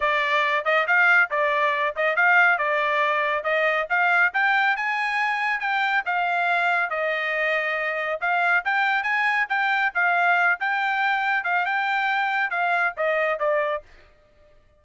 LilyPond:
\new Staff \with { instrumentName = "trumpet" } { \time 4/4 \tempo 4 = 139 d''4. dis''8 f''4 d''4~ | d''8 dis''8 f''4 d''2 | dis''4 f''4 g''4 gis''4~ | gis''4 g''4 f''2 |
dis''2. f''4 | g''4 gis''4 g''4 f''4~ | f''8 g''2 f''8 g''4~ | g''4 f''4 dis''4 d''4 | }